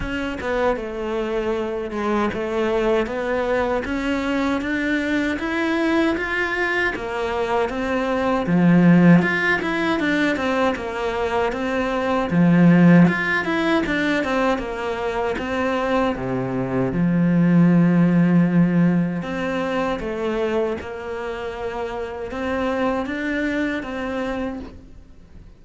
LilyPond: \new Staff \with { instrumentName = "cello" } { \time 4/4 \tempo 4 = 78 cis'8 b8 a4. gis8 a4 | b4 cis'4 d'4 e'4 | f'4 ais4 c'4 f4 | f'8 e'8 d'8 c'8 ais4 c'4 |
f4 f'8 e'8 d'8 c'8 ais4 | c'4 c4 f2~ | f4 c'4 a4 ais4~ | ais4 c'4 d'4 c'4 | }